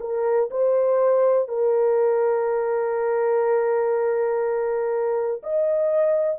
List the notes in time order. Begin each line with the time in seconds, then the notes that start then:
0.00 A#4
0.50 C5
1.48 A#4
5.43 D#5